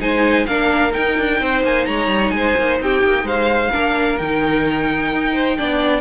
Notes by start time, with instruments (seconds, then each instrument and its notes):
0.00 cello G#3, viola D#4, violin C5 G#5
0.46 cello A#3, viola D4, violin A#4 F5
0.92 viola D#4, cello D#4, violin G5
1.18 cello D4
1.41 cello C4, violin C5
1.64 cello A#3, violin G#5
1.85 cello G#3, violin C#5 A#5
2.08 cello G3
2.31 cello G#3, violin G#5
2.37 violin C5
2.57 cello A#3
2.80 cello C4, violin G4 G5
3.04 cello A#3
3.23 cello G#3, violin C5 F5
3.71 cello A#3, viola D4, violin A#4
4.18 cello D#3, viola D#4, violin G5
5.12 cello D#4
5.34 violin C5
5.58 cello B3, viola D4, violin D5